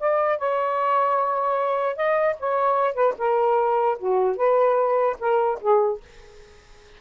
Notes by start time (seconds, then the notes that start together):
0.00 D5
0.38 C#5
1.96 D#5
2.40 C#5
2.95 B4
3.19 A#4
3.99 F#4
4.37 B4
5.20 A#4
5.61 G#4